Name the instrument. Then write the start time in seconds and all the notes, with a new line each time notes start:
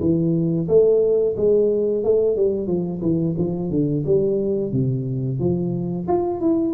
tuba
0.00 E3
0.68 A3
1.37 G#3
2.04 A3
2.36 G3
2.67 F3
3.02 E3
3.38 F3
3.70 D3
4.05 G3
4.72 C3
5.39 F3
6.08 F4
6.40 E4